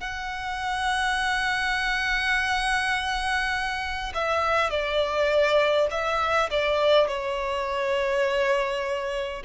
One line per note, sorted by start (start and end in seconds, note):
0.00 4.12 F#5
4.14 4.70 E5
4.70 5.87 D5
5.90 6.49 E5
6.50 7.07 D5
7.07 9.42 C#5